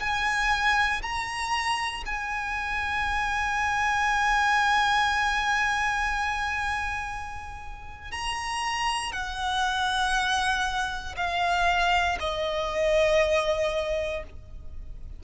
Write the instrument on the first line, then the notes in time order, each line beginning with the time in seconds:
violin
0.00 G#5
1.02 A#5
2.06 G#5
8.11 A#5
9.12 F#5
11.16 F5
12.20 D#5